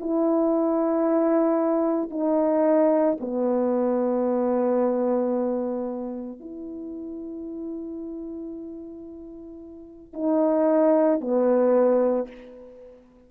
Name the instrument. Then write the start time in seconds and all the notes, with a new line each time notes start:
horn
0.00 E4
2.10 D#4
3.20 B3
6.40 E4
10.13 D#4
11.20 B3